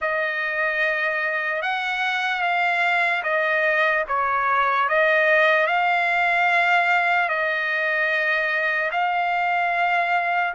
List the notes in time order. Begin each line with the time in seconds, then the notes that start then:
0.01 D#5
1.61 F#5
2.41 F5
3.23 D#5
4.08 C#5
4.88 D#5
5.66 F5
7.28 D#5
8.92 F5